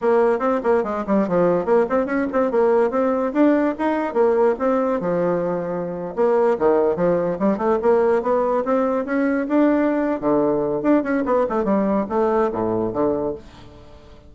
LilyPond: \new Staff \with { instrumentName = "bassoon" } { \time 4/4 \tempo 4 = 144 ais4 c'8 ais8 gis8 g8 f4 | ais8 c'8 cis'8 c'8 ais4 c'4 | d'4 dis'4 ais4 c'4 | f2~ f8. ais4 dis16~ |
dis8. f4 g8 a8 ais4 b16~ | b8. c'4 cis'4 d'4~ d'16~ | d'8 d4. d'8 cis'8 b8 a8 | g4 a4 a,4 d4 | }